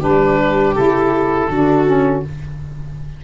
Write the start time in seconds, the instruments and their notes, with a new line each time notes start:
0.00 tuba G3, saxophone D4, viola G4, oboe B4
0.74 tuba C#3, saxophone E4, oboe A4
1.49 tuba D3, saxophone D4, viola F#4
1.86 saxophone C#4